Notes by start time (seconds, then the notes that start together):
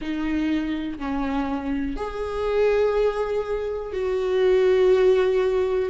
0.01 D#4
0.98 C#4
1.96 G#4
3.93 F#4